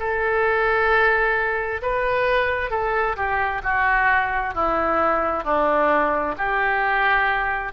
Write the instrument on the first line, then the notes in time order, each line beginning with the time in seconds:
oboe
0.00 A4
1.82 B4
2.71 A4
3.17 G4
3.64 F#4
4.55 E4
5.45 D4
6.38 G4